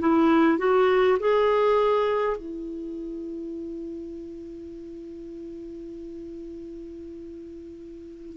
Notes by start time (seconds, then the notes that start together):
0.00 E4
0.58 F#4
1.20 G#4
2.37 E4